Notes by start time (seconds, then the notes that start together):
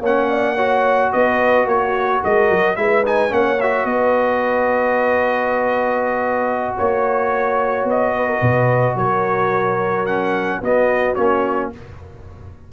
0.00 A#3 C#4 C#5 F#5
0.30 D5
0.55 F#4 C#5
1.12 B3 B4 D#5
1.65 A#3 F#4 C#5
2.22 G#3 A#4 D#5
2.50 F#3
2.76 G#3 E4 B4 E5
3.05 D#4 G#5
3.29 A#3 C#4 C#5 F#5
3.60 F#4 E5
3.84 B3 B4 D#5
6.77 A#3 C#5
7.84 B3 D#5
8.15 B4
8.28 A#4
8.40 B2 B4
8.95 F#3 A#4 C#5
10.06 C#4 F#5
10.61 B3 F#4 D#5
11.14 A#3 C#4 C#5